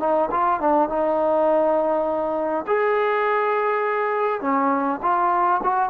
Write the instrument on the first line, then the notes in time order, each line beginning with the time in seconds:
trombone
0.00 D#4
0.31 F4
0.60 D4
0.89 D#4
2.67 G#4
4.41 C#4
5.02 F4
5.63 F#4